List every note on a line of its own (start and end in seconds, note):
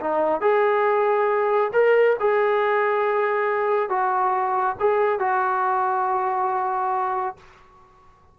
0.00 0.41 D#4
0.41 1.71 G#4
1.73 2.17 A#4
2.20 3.90 G#4
3.90 4.76 F#4
4.80 5.19 G#4
5.19 7.37 F#4